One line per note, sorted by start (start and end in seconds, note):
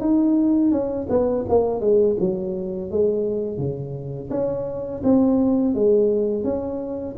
0.00 0.71 D#4
0.71 1.07 C#4
1.09 1.45 B3
1.49 1.81 A#3
1.81 2.16 G#3
2.20 2.91 F#3
2.91 3.57 G#3
3.57 4.29 C#3
4.30 5.02 C#4
5.03 5.74 C4
5.74 6.44 G#3
6.44 7.15 C#4